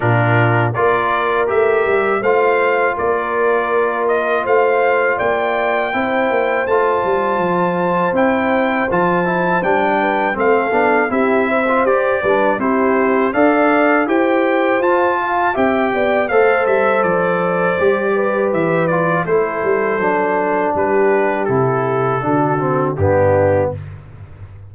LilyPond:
<<
  \new Staff \with { instrumentName = "trumpet" } { \time 4/4 \tempo 4 = 81 ais'4 d''4 e''4 f''4 | d''4. dis''8 f''4 g''4~ | g''4 a''2 g''4 | a''4 g''4 f''4 e''4 |
d''4 c''4 f''4 g''4 | a''4 g''4 f''8 e''8 d''4~ | d''4 e''8 d''8 c''2 | b'4 a'2 g'4 | }
  \new Staff \with { instrumentName = "horn" } { \time 4/4 f'4 ais'2 c''4 | ais'2 c''4 d''4 | c''1~ | c''4. b'8 a'4 g'8 c''8~ |
c''8 b'8 g'4 d''4 c''4~ | c''8 f''8 e''8 d''8 c''2~ | c''8 b'4. a'2 | g'2 fis'4 d'4 | }
  \new Staff \with { instrumentName = "trombone" } { \time 4/4 d'4 f'4 g'4 f'4~ | f'1 | e'4 f'2 e'4 | f'8 e'8 d'4 c'8 d'8 e'8. f'16 |
g'8 d'8 e'4 a'4 g'4 | f'4 g'4 a'2 | g'4. f'8 e'4 d'4~ | d'4 e'4 d'8 c'8 b4 | }
  \new Staff \with { instrumentName = "tuba" } { \time 4/4 ais,4 ais4 a8 g8 a4 | ais2 a4 ais4 | c'8 ais8 a8 g8 f4 c'4 | f4 g4 a8 b8 c'4 |
g'8 g8 c'4 d'4 e'4 | f'4 c'8 b8 a8 g8 f4 | g4 e4 a8 g8 fis4 | g4 c4 d4 g,4 | }
>>